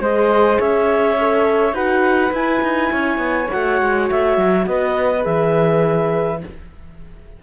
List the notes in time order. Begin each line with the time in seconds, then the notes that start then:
0.00 G#3 G#4 C5 D#5
0.59 C#4 C#5 E5
1.19 A4
1.73 D#4 F#4 B4 F#5
2.32 E4 G#5
2.62 D#4
2.92 C#4 C#5
3.18 B3
3.49 A3 F#4 F#5
3.82 G#3
4.10 A3 E5
4.38 F#3
4.66 B3 B4 D#5
5.21 E3 G#4 E5